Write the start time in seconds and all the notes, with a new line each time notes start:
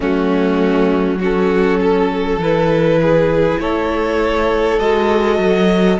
0.00 F#3 A3 C#4 F#4
1.19 C#4 F#4 A4
1.79 A4
2.36 E3 E4 B4
3.02 G#4
3.59 A3 A4 C#5
4.79 G#3 F#4 D#5
5.38 F#3